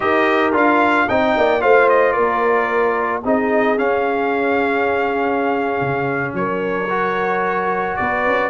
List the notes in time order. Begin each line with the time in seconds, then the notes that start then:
0.00 D#4 G4 A#4 D#5
0.52 D4 F4 F5
1.07 C4 D#4 D#5 G5
1.37 A#3 D5
1.60 A3 F4 C5 F5
1.89 D#5
2.12 A#3 A#4 D5
3.23 C4 D#4 G#4 D#5
3.77 C#4 F5
5.80 C#3
6.33 F#3 A#4 C#5
6.89 F#4
7.96 B3 B4 D5
8.26 C#4